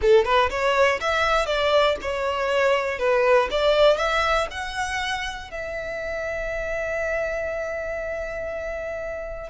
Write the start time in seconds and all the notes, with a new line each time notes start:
0.01 A4
0.24 B4
0.50 C#5
1.00 E5
1.46 D5
2.01 C#5
2.98 B4
3.50 D5
3.97 E5
4.50 F#5
5.50 E5